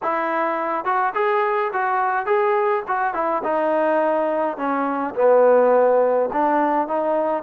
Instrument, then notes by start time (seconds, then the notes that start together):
trombone
0.02 E4
0.84 F#4
1.14 G#4
1.72 F#4
2.26 G#4
2.87 F#4
3.14 E4
3.43 D#4
4.57 C#4
5.15 B3
6.32 D4
6.87 D#4